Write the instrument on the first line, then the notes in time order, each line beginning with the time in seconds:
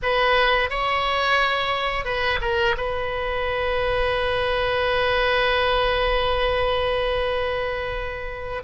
oboe
0.02 B4
0.70 C#5
2.04 B4
2.41 A#4
2.77 B4